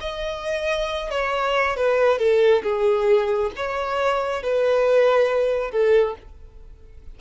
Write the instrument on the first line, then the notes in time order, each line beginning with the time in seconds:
violin
0.00 D#5
1.10 C#5
1.76 B4
2.18 A4
2.63 G#4
3.56 C#5
4.42 B4
5.71 A4